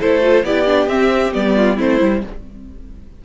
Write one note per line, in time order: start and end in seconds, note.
0.00 0.43 A3
0.00 0.21 E4
0.00 0.45 A4
0.00 0.45 C5
0.21 0.44 F4
0.43 0.87 B3
0.43 0.66 E4
0.43 1.56 G4
0.43 0.88 D5
0.66 0.88 D4
0.87 1.32 C4
0.87 1.33 C4
0.87 1.33 E5
1.33 1.79 G3
1.33 1.77 B3
1.33 1.78 D5
1.56 1.76 F4
1.76 2.01 A3
1.76 1.99 C4
1.76 2.21 E4
1.76 2.25 C5
1.99 2.23 G3
1.99 2.22 E4